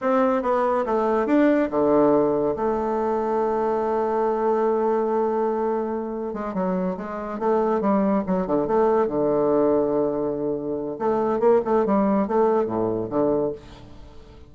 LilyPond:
\new Staff \with { instrumentName = "bassoon" } { \time 4/4 \tempo 4 = 142 c'4 b4 a4 d'4 | d2 a2~ | a1~ | a2. gis8 fis8~ |
fis8 gis4 a4 g4 fis8 | d8 a4 d2~ d8~ | d2 a4 ais8 a8 | g4 a4 a,4 d4 | }